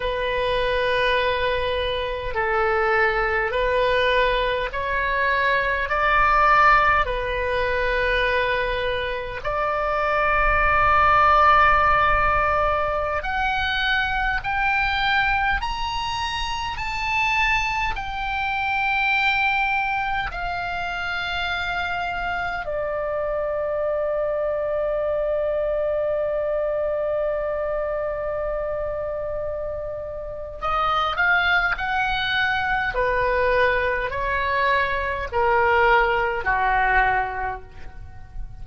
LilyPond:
\new Staff \with { instrumentName = "oboe" } { \time 4/4 \tempo 4 = 51 b'2 a'4 b'4 | cis''4 d''4 b'2 | d''2.~ d''16 fis''8.~ | fis''16 g''4 ais''4 a''4 g''8.~ |
g''4~ g''16 f''2 d''8.~ | d''1~ | d''2 dis''8 f''8 fis''4 | b'4 cis''4 ais'4 fis'4 | }